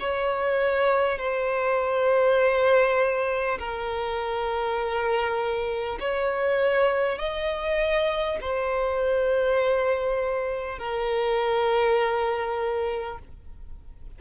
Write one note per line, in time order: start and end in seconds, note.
0.00 1.18 C#5
1.18 3.58 C5
3.58 5.98 A#4
6.00 7.18 C#5
7.18 8.38 D#5
8.41 10.79 C5
10.79 13.19 A#4